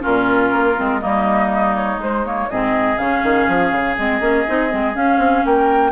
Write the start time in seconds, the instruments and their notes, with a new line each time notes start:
0.00 bassoon A#2, clarinet C#4, oboe F4, flute A#4
0.52 bassoon A#3
0.77 bassoon G#3, clarinet C4
1.01 bassoon G3, clarinet A#3, oboe D#4, flute D#5
1.76 flute C#5
1.98 bassoon G#3, clarinet G#3, flute C5
2.25 clarinet A#3, flute C#5
2.50 bassoon G#2, clarinet C4, oboe G#4, flute D#5
2.97 bassoon C#3, clarinet C#4, flute F5
3.23 bassoon D#3
3.48 bassoon F3
3.71 bassoon C#3
3.97 bassoon G#3, clarinet C4, flute D#5
4.20 bassoon A#3, clarinet C#4
4.47 bassoon C4, clarinet D#4
4.69 bassoon G#3, clarinet C4
4.94 clarinet C#4, bassoon C#4, flute F5
5.18 bassoon C4
5.45 bassoon A#3, oboe A#4, flute G5